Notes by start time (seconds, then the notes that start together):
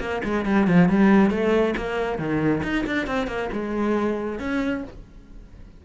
0.00 A#3
0.24 G#3
0.45 G3
0.67 F3
0.89 G3
1.31 A3
1.77 A#3
2.19 D#3
2.63 D#4
2.87 D4
3.07 C4
3.27 A#3
3.52 G#3
4.39 C#4